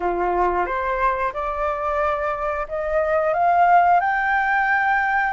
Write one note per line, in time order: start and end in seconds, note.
0.00 0.65 F4
0.65 1.32 C5
1.33 2.66 D5
2.68 3.33 D#5
3.33 4.00 F5
4.00 5.33 G5